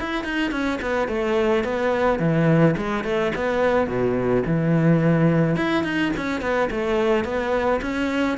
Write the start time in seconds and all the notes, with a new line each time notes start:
0.00 E4
0.24 D#4
0.52 C#4
0.82 B3
1.08 A3
1.64 B3
2.20 E3
2.77 G#3
3.05 A3
3.35 B3
3.88 B2
4.46 E3
5.56 E4
5.84 D#4
6.17 C#4
6.42 B3
6.71 A3
7.25 B3
7.82 C#4